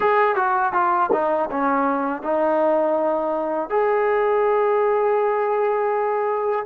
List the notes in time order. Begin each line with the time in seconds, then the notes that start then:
0.00 G#4
0.35 F#4
0.72 F4
1.12 D#4
1.50 C#4
2.22 D#4
3.69 G#4